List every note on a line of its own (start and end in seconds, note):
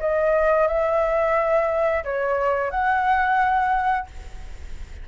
0.00 0.67 D#5
0.67 2.04 E5
2.04 2.70 C#5
2.70 4.07 F#5